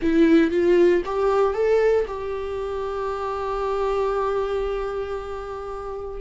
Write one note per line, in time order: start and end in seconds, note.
0.02 0.50 E4
0.50 1.02 F4
1.05 1.54 G4
1.54 2.05 A4
2.07 6.20 G4